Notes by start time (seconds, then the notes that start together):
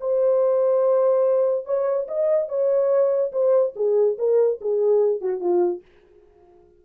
0.00 C5
1.66 C#5
2.08 D#5
2.48 C#5
3.32 C5
3.76 G#4
4.18 A#4
4.61 G#4
5.21 F#4
5.40 F4